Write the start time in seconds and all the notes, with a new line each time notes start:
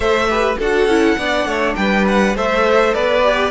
0.00 A3 A4 C5 E5
0.29 G4 B4
0.58 D4 F#4 A4 F#5
0.86 C#4 E4
1.18 B3 D4 D5
1.45 A3 C#5
1.75 G3 B4 G5
2.07 F#5
2.34 A3 A4 C5 E5
2.94 B3 B4 D5
3.23 G4